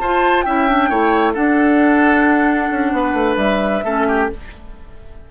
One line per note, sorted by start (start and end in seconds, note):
0.00 0.46 F4
0.00 0.47 F4
0.00 0.45 C5
0.00 0.43 A5
0.43 0.90 C#4
0.43 0.69 E4
0.43 0.89 E5
0.43 1.33 G5
0.69 0.91 D4
0.89 1.35 A3
0.89 1.34 E4
0.89 1.33 C#5
1.33 3.82 D4
1.33 2.71 D4
1.33 2.91 A4
1.33 3.36 F#5
2.71 2.92 C#4
2.92 3.14 B3
2.92 3.84 B4
3.14 3.36 A3
3.36 3.82 G3
3.36 4.26 E5
3.84 4.30 A3
3.84 4.31 C#4
3.84 4.07 A4
4.08 4.30 G4